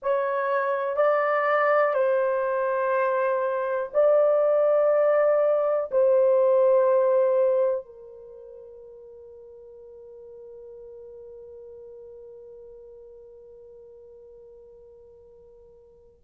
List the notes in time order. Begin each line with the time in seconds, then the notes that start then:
0.02 C#5
0.96 D5
1.94 C5
3.93 D5
5.91 C5
7.85 A#4